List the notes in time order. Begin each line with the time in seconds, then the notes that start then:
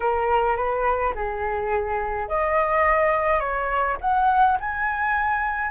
0.00 A#4
0.56 B4
1.14 G#4
2.28 D#5
3.39 C#5
4.00 F#5
4.59 G#5